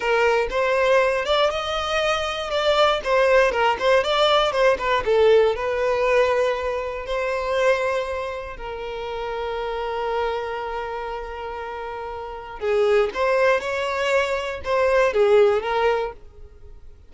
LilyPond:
\new Staff \with { instrumentName = "violin" } { \time 4/4 \tempo 4 = 119 ais'4 c''4. d''8 dis''4~ | dis''4 d''4 c''4 ais'8 c''8 | d''4 c''8 b'8 a'4 b'4~ | b'2 c''2~ |
c''4 ais'2.~ | ais'1~ | ais'4 gis'4 c''4 cis''4~ | cis''4 c''4 gis'4 ais'4 | }